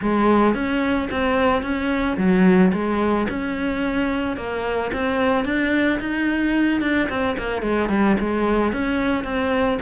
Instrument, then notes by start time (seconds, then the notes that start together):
cello
0.01 G#3
0.54 C#4
1.10 C4
1.62 C#4
2.17 F#3
2.73 G#3
3.29 C#4
4.36 A#3
4.92 C4
5.44 D4
5.99 D#4
6.81 D4
7.09 C4
7.38 A#3
7.62 G#3
7.89 G3
8.20 G#3
8.72 C#4
9.24 C4